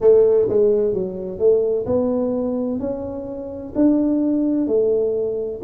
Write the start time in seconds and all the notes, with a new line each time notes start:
0.00 A3
0.48 G#3
0.93 F#3
1.38 A3
1.86 B3
2.79 C#4
3.75 D4
4.67 A3